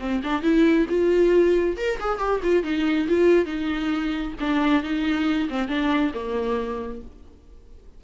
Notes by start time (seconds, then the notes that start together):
0.00 C4
0.24 D4
0.42 E4
0.89 F4
1.77 A#4
2.00 G#4
2.19 G4
2.43 F4
2.64 D#4
3.08 F4
3.46 D#4
4.40 D4
4.83 D#4
5.49 C4
5.68 D4
6.14 A#3